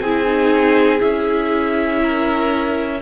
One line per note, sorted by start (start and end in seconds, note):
0.00 1.01 C4
0.00 0.26 E4
0.00 2.02 G#4
0.00 1.00 G#5
0.26 0.98 D#4
0.98 3.01 C#4
0.98 2.98 E4
0.98 3.01 E5
2.02 3.01 A#4